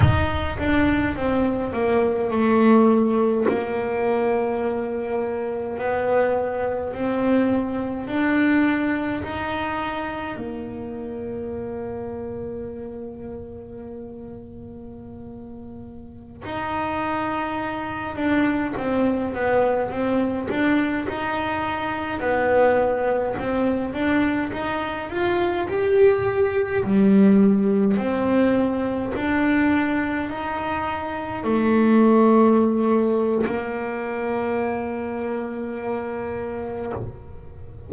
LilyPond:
\new Staff \with { instrumentName = "double bass" } { \time 4/4 \tempo 4 = 52 dis'8 d'8 c'8 ais8 a4 ais4~ | ais4 b4 c'4 d'4 | dis'4 ais2.~ | ais2~ ais16 dis'4. d'16~ |
d'16 c'8 b8 c'8 d'8 dis'4 b8.~ | b16 c'8 d'8 dis'8 f'8 g'4 g8.~ | g16 c'4 d'4 dis'4 a8.~ | a4 ais2. | }